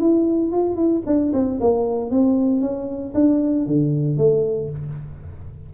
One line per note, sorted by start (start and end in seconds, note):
0.00 0.52 E4
0.52 0.76 F4
0.76 1.02 E4
1.06 1.32 D4
1.33 1.59 C4
1.60 2.11 A#3
2.11 2.61 C4
2.61 3.13 C#4
3.14 3.66 D4
3.66 4.17 D3
4.17 4.70 A3